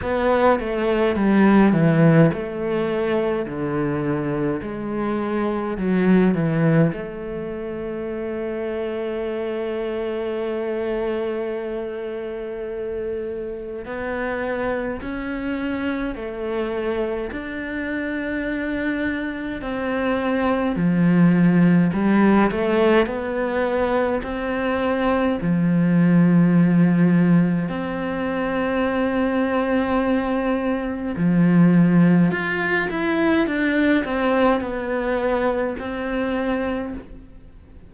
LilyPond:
\new Staff \with { instrumentName = "cello" } { \time 4/4 \tempo 4 = 52 b8 a8 g8 e8 a4 d4 | gis4 fis8 e8 a2~ | a1 | b4 cis'4 a4 d'4~ |
d'4 c'4 f4 g8 a8 | b4 c'4 f2 | c'2. f4 | f'8 e'8 d'8 c'8 b4 c'4 | }